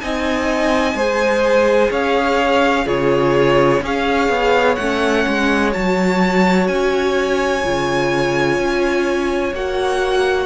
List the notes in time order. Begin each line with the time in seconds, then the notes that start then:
0.00 C4 D#4 D#5 G#5
0.94 G#3 G#4 C5
1.90 C#4 C#5 F5
2.85 C#3 F4 G#4 C#5
3.82 C#4 G#4 C#5 F5
4.29 B3
4.75 A3 C#4 F#5
5.27 G#3
5.71 F#3 F#4 A5
6.67 C#4 G#5
7.63 C#3 F4
8.58 C#4
9.53 A#3 F#4 F#5